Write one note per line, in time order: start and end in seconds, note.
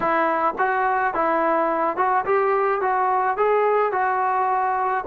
0.00 0.54 E4
0.58 1.14 F#4
1.14 1.97 E4
1.97 2.25 F#4
2.25 2.81 G4
2.81 3.37 F#4
3.37 3.92 G#4
3.92 5.04 F#4